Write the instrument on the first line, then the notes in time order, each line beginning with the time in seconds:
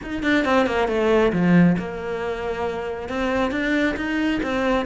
cello
0.03 D#4
0.22 D4
0.44 C4
0.66 A#3
0.87 A3
1.32 F3
1.78 A#3
3.08 C4
3.51 D4
3.96 D#4
4.43 C4